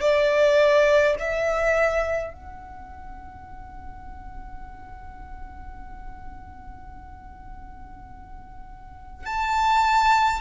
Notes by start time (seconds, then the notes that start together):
0.00 D5
1.19 E5
2.33 F#5
9.25 A5